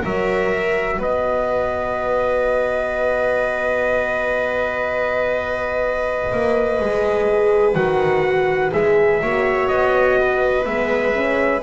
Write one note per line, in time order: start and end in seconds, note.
0.00 0.98 F#3
0.00 6.78 F#4
0.00 0.97 A#4
0.00 1.01 E5
0.98 6.30 B3
0.98 9.21 B4
0.98 7.74 D#5
6.31 6.80 A#3
6.79 7.75 G#3
6.79 7.75 G#4
7.74 8.72 D#3
7.74 8.72 F#4
7.74 8.71 F#5
8.72 9.22 G#3
8.72 9.20 G#4
8.72 9.68 E5
9.21 9.69 A#3
9.21 10.66 F#4
9.21 10.18 C#5
9.68 10.66 B3
9.68 10.65 D#5
10.20 11.62 B4
10.65 11.62 G#3
10.65 11.13 B3
10.65 11.62 E5
11.13 11.61 C#4